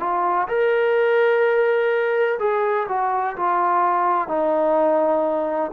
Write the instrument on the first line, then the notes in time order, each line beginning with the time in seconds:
trombone
0.00 F4
0.48 A#4
2.39 G#4
2.88 F#4
3.36 F4
4.28 D#4